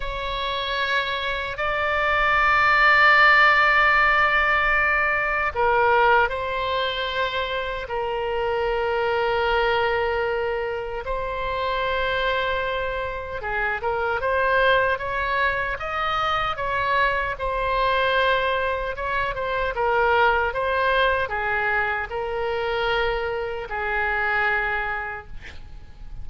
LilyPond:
\new Staff \with { instrumentName = "oboe" } { \time 4/4 \tempo 4 = 76 cis''2 d''2~ | d''2. ais'4 | c''2 ais'2~ | ais'2 c''2~ |
c''4 gis'8 ais'8 c''4 cis''4 | dis''4 cis''4 c''2 | cis''8 c''8 ais'4 c''4 gis'4 | ais'2 gis'2 | }